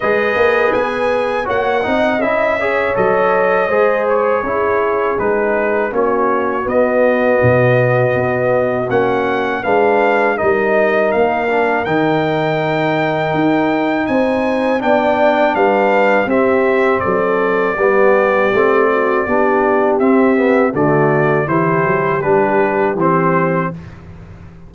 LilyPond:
<<
  \new Staff \with { instrumentName = "trumpet" } { \time 4/4 \tempo 4 = 81 dis''4 gis''4 fis''4 e''4 | dis''4. cis''4. b'4 | cis''4 dis''2. | fis''4 f''4 dis''4 f''4 |
g''2. gis''4 | g''4 f''4 e''4 d''4~ | d''2. e''4 | d''4 c''4 b'4 c''4 | }
  \new Staff \with { instrumentName = "horn" } { \time 4/4 b'2 cis''8 dis''4 cis''8~ | cis''4 c''4 gis'2 | fis'1~ | fis'4 b'4 ais'2~ |
ais'2. c''4 | d''4 b'4 g'4 a'4 | g'4. fis'8 g'2 | fis'4 g'2. | }
  \new Staff \with { instrumentName = "trombone" } { \time 4/4 gis'2 fis'8 dis'8 e'8 gis'8 | a'4 gis'4 e'4 dis'4 | cis'4 b2. | cis'4 d'4 dis'4. d'8 |
dis'1 | d'2 c'2 | b4 c'4 d'4 c'8 b8 | a4 e'4 d'4 c'4 | }
  \new Staff \with { instrumentName = "tuba" } { \time 4/4 gis8 ais8 b4 ais8 c'8 cis'4 | fis4 gis4 cis'4 gis4 | ais4 b4 b,4 b4 | ais4 gis4 g4 ais4 |
dis2 dis'4 c'4 | b4 g4 c'4 fis4 | g4 a4 b4 c'4 | d4 e8 fis8 g4 e4 | }
>>